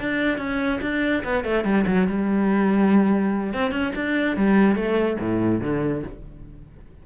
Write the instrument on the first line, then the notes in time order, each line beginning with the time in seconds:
cello
0.00 D4
0.38 C#4
0.82 D4
1.24 B3
1.45 A3
1.65 G3
1.87 F#3
2.08 G3
3.54 C4
3.72 C#4
3.95 D4
4.37 G3
4.76 A3
5.20 A2
5.61 D3